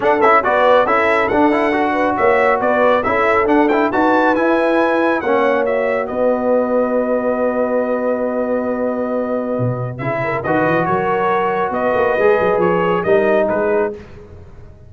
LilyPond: <<
  \new Staff \with { instrumentName = "trumpet" } { \time 4/4 \tempo 4 = 138 fis''8 e''8 d''4 e''4 fis''4~ | fis''4 e''4 d''4 e''4 | fis''8 g''8 a''4 gis''2 | fis''4 e''4 dis''2~ |
dis''1~ | dis''2. e''4 | dis''4 cis''2 dis''4~ | dis''4 cis''4 dis''4 b'4 | }
  \new Staff \with { instrumentName = "horn" } { \time 4/4 a'4 b'4 a'2~ | a'8 b'8 cis''4 b'4 a'4~ | a'4 b'2. | cis''2 b'2~ |
b'1~ | b'2.~ b'8 ais'8 | b'4 ais'2 b'4~ | b'2 ais'4 gis'4 | }
  \new Staff \with { instrumentName = "trombone" } { \time 4/4 d'8 e'8 fis'4 e'4 d'8 e'8 | fis'2. e'4 | d'8 e'8 fis'4 e'2 | cis'4 fis'2.~ |
fis'1~ | fis'2. e'4 | fis'1 | gis'2 dis'2 | }
  \new Staff \with { instrumentName = "tuba" } { \time 4/4 d'8 cis'8 b4 cis'4 d'4~ | d'4 ais4 b4 cis'4 | d'4 dis'4 e'2 | ais2 b2~ |
b1~ | b2 b,4 cis4 | dis8 e8 fis2 b8 ais8 | gis8 fis8 f4 g4 gis4 | }
>>